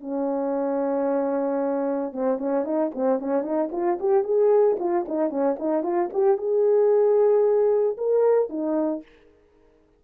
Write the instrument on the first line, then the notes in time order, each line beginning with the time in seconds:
horn
0.00 C#4
2.12 C4
2.38 C#4
2.65 D#4
2.94 C4
3.19 C#4
3.42 D#4
3.72 F4
3.99 G4
4.24 G#4
4.79 F4
5.08 D#4
5.30 C#4
5.59 D#4
5.83 F4
6.13 G4
6.37 G#4
7.97 A#4
8.49 D#4